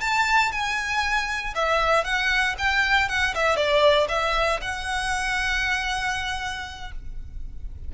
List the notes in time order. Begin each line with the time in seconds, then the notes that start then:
0.00 A5
0.51 G#5
1.55 E5
2.04 F#5
2.58 G5
3.08 F#5
3.34 E5
3.56 D5
4.08 E5
4.61 F#5